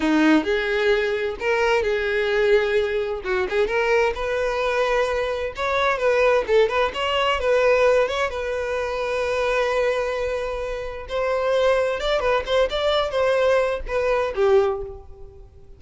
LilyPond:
\new Staff \with { instrumentName = "violin" } { \time 4/4 \tempo 4 = 130 dis'4 gis'2 ais'4 | gis'2. fis'8 gis'8 | ais'4 b'2. | cis''4 b'4 a'8 b'8 cis''4 |
b'4. cis''8 b'2~ | b'1 | c''2 d''8 b'8 c''8 d''8~ | d''8 c''4. b'4 g'4 | }